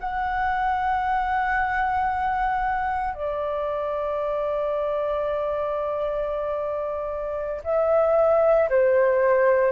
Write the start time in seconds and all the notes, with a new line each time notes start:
0.00 F#5
3.15 D5
7.65 E5
8.70 C5